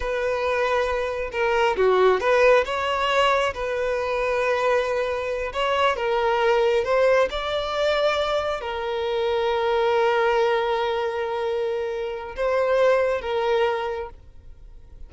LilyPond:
\new Staff \with { instrumentName = "violin" } { \time 4/4 \tempo 4 = 136 b'2. ais'4 | fis'4 b'4 cis''2 | b'1~ | b'8 cis''4 ais'2 c''8~ |
c''8 d''2. ais'8~ | ais'1~ | ais'1 | c''2 ais'2 | }